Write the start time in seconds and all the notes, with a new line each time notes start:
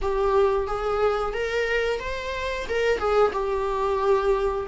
0.01 G4
0.67 G#4
1.33 A#4
1.99 C5
2.68 A#4
2.98 G#4
3.32 G4